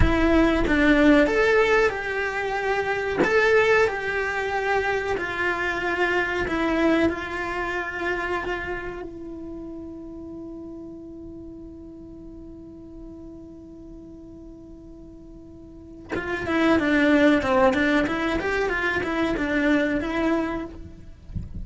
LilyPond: \new Staff \with { instrumentName = "cello" } { \time 4/4 \tempo 4 = 93 e'4 d'4 a'4 g'4~ | g'4 a'4 g'2 | f'2 e'4 f'4~ | f'2 e'2~ |
e'1~ | e'1~ | e'4 f'8 e'8 d'4 c'8 d'8 | e'8 g'8 f'8 e'8 d'4 e'4 | }